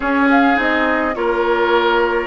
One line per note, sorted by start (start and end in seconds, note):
0.00 0.54 C#4
0.00 0.57 C#4
0.00 1.15 G#4
0.00 0.29 C#5
0.31 0.59 F5
0.54 1.15 C4
0.54 1.12 D#4
0.54 1.14 D#5
1.14 2.27 A#3
1.14 2.27 F4
1.14 2.27 A#4
1.14 2.27 C#5